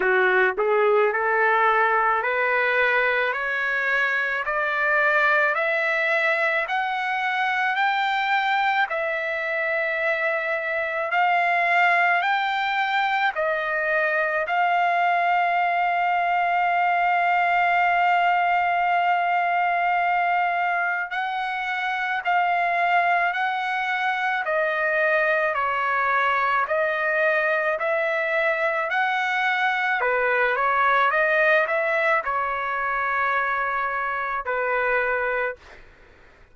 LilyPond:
\new Staff \with { instrumentName = "trumpet" } { \time 4/4 \tempo 4 = 54 fis'8 gis'8 a'4 b'4 cis''4 | d''4 e''4 fis''4 g''4 | e''2 f''4 g''4 | dis''4 f''2.~ |
f''2. fis''4 | f''4 fis''4 dis''4 cis''4 | dis''4 e''4 fis''4 b'8 cis''8 | dis''8 e''8 cis''2 b'4 | }